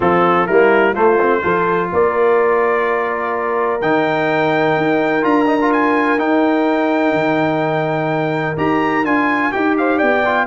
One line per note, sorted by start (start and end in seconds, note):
0.00 0.47 F3
0.00 0.48 C4
0.00 0.47 F4
0.00 0.47 A4
0.47 0.96 G3
0.47 0.95 A#3
0.47 0.92 E4
0.47 0.94 A#4
0.92 1.19 A3
0.92 1.43 A3
0.92 1.40 F4
0.92 1.90 C5
1.20 1.42 C4
1.42 1.91 F3
1.42 3.80 F4
1.42 1.91 A4
1.92 3.81 A#3
1.92 9.78 A#4
1.92 3.81 D5
3.81 4.76 D#3
3.81 5.21 D#4
3.81 5.24 G5
4.76 5.23 D#4
5.21 6.18 D4
5.21 5.45 F4
5.21 5.72 A#5
5.47 5.59 D#4
5.61 6.18 F4
5.72 6.19 G#5
6.18 8.56 D#4
6.18 7.13 D#4
6.18 8.57 G5
7.13 8.56 D#3
8.56 9.04 D#4
8.56 9.04 G4
8.56 9.05 A#5
9.04 9.51 D4
9.04 9.52 F4
9.04 9.52 G#5
9.52 10.02 D#4
9.52 10.23 G4
9.52 9.75 G5
9.77 9.97 C5
9.77 9.98 F5
9.97 10.47 B3
9.97 10.45 D5
9.97 10.46 G5
10.25 10.47 F4